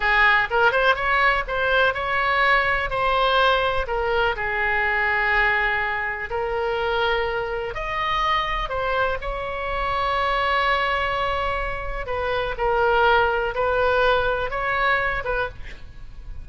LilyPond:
\new Staff \with { instrumentName = "oboe" } { \time 4/4 \tempo 4 = 124 gis'4 ais'8 c''8 cis''4 c''4 | cis''2 c''2 | ais'4 gis'2.~ | gis'4 ais'2. |
dis''2 c''4 cis''4~ | cis''1~ | cis''4 b'4 ais'2 | b'2 cis''4. b'8 | }